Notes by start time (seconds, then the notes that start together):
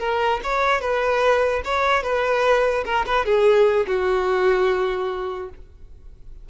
0.00 A#4
0.44 C#5
0.81 B4
1.65 C#5
2.03 B4
2.86 A#4
3.07 B4
3.26 G#4
3.88 F#4